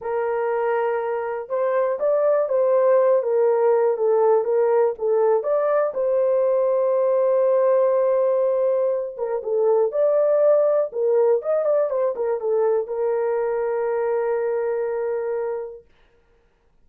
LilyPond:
\new Staff \with { instrumentName = "horn" } { \time 4/4 \tempo 4 = 121 ais'2. c''4 | d''4 c''4. ais'4. | a'4 ais'4 a'4 d''4 | c''1~ |
c''2~ c''8 ais'8 a'4 | d''2 ais'4 dis''8 d''8 | c''8 ais'8 a'4 ais'2~ | ais'1 | }